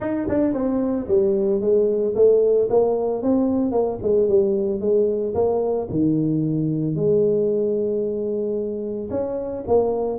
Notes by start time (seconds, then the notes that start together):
0.00 D#4
0.28 D4
0.53 C4
1.08 G3
1.60 G#3
2.15 A3
2.69 A#3
3.22 C4
3.71 A#3
4.02 G#3
4.28 G3
4.80 G#3
5.34 A#3
5.90 D#3
6.95 G#3
9.10 C#4
9.67 A#3